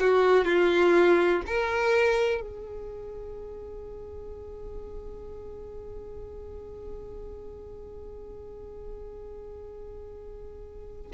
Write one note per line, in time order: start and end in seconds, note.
0.00 0.45 F#4
0.45 1.42 F4
1.47 2.41 A#4
2.41 11.12 G#4